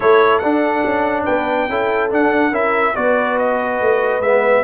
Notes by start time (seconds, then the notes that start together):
0.00 A3 E4 A4 C#5
0.38 D4 F#5
0.85 C#4
1.24 B3 B4 G5
1.69 C#4 E4 A4
2.10 D4 F#5
2.51 C#4 E4 A#4 E5
2.95 B3 F#4 B4 D5
3.38 D#5
3.80 A3
4.19 G#3 B3 E5